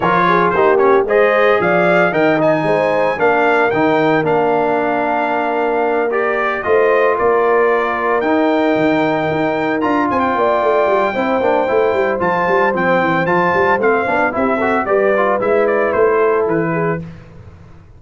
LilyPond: <<
  \new Staff \with { instrumentName = "trumpet" } { \time 4/4 \tempo 4 = 113 cis''4 c''8 cis''8 dis''4 f''4 | g''8 gis''4. f''4 g''4 | f''2.~ f''8 d''8~ | d''8 dis''4 d''2 g''8~ |
g''2~ g''8 ais''8 gis''16 g''8.~ | g''2. a''4 | g''4 a''4 f''4 e''4 | d''4 e''8 d''8 c''4 b'4 | }
  \new Staff \with { instrumentName = "horn" } { \time 4/4 ais'8 gis'8 g'4 c''4 d''4 | dis''4 c''4 ais'2~ | ais'1~ | ais'8 c''4 ais'2~ ais'8~ |
ais'2. c''8 d''8~ | d''4 c''2.~ | c''2. g'8 a'8 | b'2~ b'8 a'4 gis'8 | }
  \new Staff \with { instrumentName = "trombone" } { \time 4/4 f'4 dis'8 cis'8 gis'2 | ais'8 dis'4. d'4 dis'4 | d'2.~ d'8 g'8~ | g'8 f'2. dis'8~ |
dis'2~ dis'8 f'4.~ | f'4 e'8 d'8 e'4 f'4 | c'4 f'4 c'8 d'8 e'8 fis'8 | g'8 f'8 e'2. | }
  \new Staff \with { instrumentName = "tuba" } { \time 4/4 f4 ais4 gis4 f4 | dis4 gis4 ais4 dis4 | ais1~ | ais8 a4 ais2 dis'8~ |
dis'8 dis4 dis'4 d'8 c'8 ais8 | a8 g8 c'8 ais8 a8 g8 f8 g8 | f8 e8 f8 g8 a8 b8 c'4 | g4 gis4 a4 e4 | }
>>